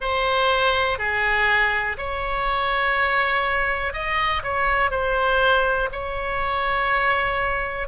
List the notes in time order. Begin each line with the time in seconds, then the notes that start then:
0.00 C5
0.98 G#4
1.97 C#5
3.93 D#5
4.43 C#5
4.90 C5
5.92 C#5